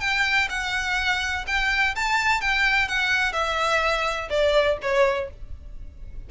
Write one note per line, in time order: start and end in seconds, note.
0.00 0.48 G5
0.49 1.45 F#5
1.47 1.95 G5
1.95 2.41 A5
2.41 2.88 G5
2.88 3.32 F#5
3.32 4.28 E5
4.30 4.78 D5
4.82 5.30 C#5